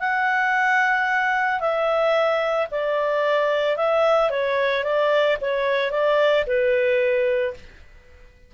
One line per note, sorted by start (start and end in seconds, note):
0.00 1.60 F#5
1.60 2.68 E5
2.72 3.77 D5
3.77 4.31 E5
4.31 4.84 C#5
4.84 5.38 D5
5.42 5.92 C#5
5.92 6.45 D5
6.47 7.54 B4